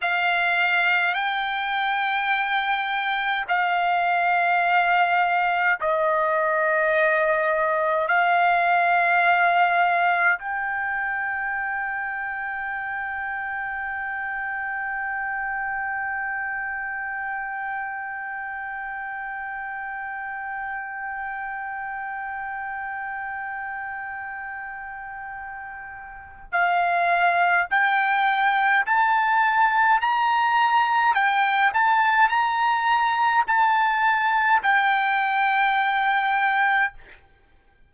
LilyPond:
\new Staff \with { instrumentName = "trumpet" } { \time 4/4 \tempo 4 = 52 f''4 g''2 f''4~ | f''4 dis''2 f''4~ | f''4 g''2.~ | g''1~ |
g''1~ | g''2. f''4 | g''4 a''4 ais''4 g''8 a''8 | ais''4 a''4 g''2 | }